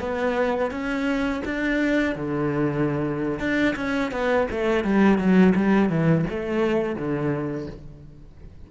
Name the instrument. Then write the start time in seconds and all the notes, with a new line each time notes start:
cello
0.00 B3
0.71 C#4
1.45 D4
2.16 D3
3.40 D4
3.76 C#4
4.12 B3
4.51 A3
4.84 G3
5.19 F#3
5.56 G3
5.90 E3
6.30 A3
6.96 D3